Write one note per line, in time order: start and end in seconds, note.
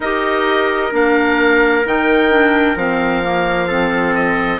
0.00 0.92 D#4
0.00 0.91 G4
0.00 3.67 A#4
0.00 0.93 D#5
0.91 1.85 A#3
0.91 1.83 D4
0.91 1.87 F5
1.85 2.75 D#3
1.85 2.30 D#4
1.85 2.77 G5
2.30 2.76 D4
2.75 4.59 F3
2.75 3.23 C4
2.75 4.14 F5
3.23 3.69 A#3
3.67 4.59 C4
3.67 4.59 A4
4.14 4.59 D#5